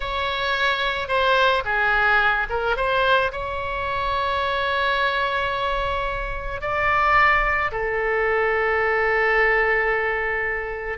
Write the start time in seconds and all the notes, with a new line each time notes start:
0.00 C#5
1.08 C5
1.64 G#4
2.49 A#4
2.76 C5
3.32 C#5
6.61 D5
7.71 A4